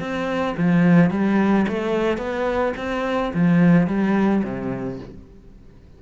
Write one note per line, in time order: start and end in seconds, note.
0.00 0.56 C4
0.57 1.10 F3
1.10 1.66 G3
1.68 2.18 A3
2.18 2.73 B3
2.77 3.32 C4
3.34 3.87 F3
3.87 4.43 G3
4.43 4.99 C3